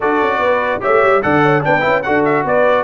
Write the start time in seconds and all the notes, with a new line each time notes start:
0.00 D4 F#4 A4 D5
0.21 C#4
0.38 B3 B4
0.80 A3 G4 C#5 E5
1.03 G3
1.22 D3 A4 D5 F#5
1.43 C#5
1.60 B3 D4 B4 G5
1.80 C#4 E4
2.02 D4 F#4 A4 F#5
2.24 E5
2.44 B3 B4 D5